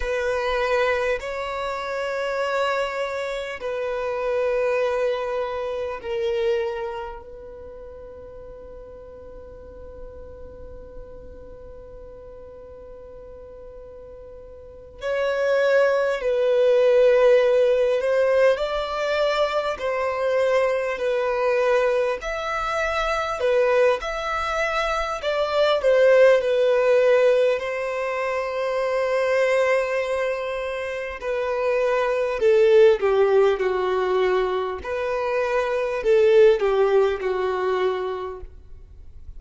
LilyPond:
\new Staff \with { instrumentName = "violin" } { \time 4/4 \tempo 4 = 50 b'4 cis''2 b'4~ | b'4 ais'4 b'2~ | b'1~ | b'8 cis''4 b'4. c''8 d''8~ |
d''8 c''4 b'4 e''4 b'8 | e''4 d''8 c''8 b'4 c''4~ | c''2 b'4 a'8 g'8 | fis'4 b'4 a'8 g'8 fis'4 | }